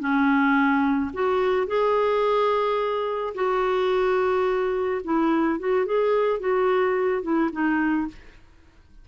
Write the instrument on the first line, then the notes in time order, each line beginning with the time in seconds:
clarinet
0.00 C#4
1.13 F#4
1.67 G#4
3.35 F#4
5.05 E4
5.59 F#4
5.86 G#4
6.40 F#4
7.22 E4
7.52 D#4